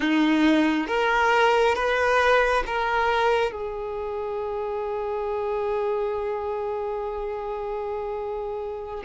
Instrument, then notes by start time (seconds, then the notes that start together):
violin
0.00 D#4
0.87 A#4
1.75 B4
2.66 A#4
3.52 G#4